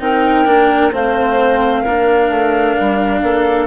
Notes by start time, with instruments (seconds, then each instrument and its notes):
0.00 bassoon C4, cello D#4, clarinet A#4, flute G5
0.46 bassoon A#3, cello D4
0.92 bassoon A3, cello C4, clarinet C5, flute F5
1.82 bassoon A#3, clarinet A#4
1.89 cello D4
2.30 bassoon A3
2.80 bassoon G3
3.22 bassoon A#3, clarinet A4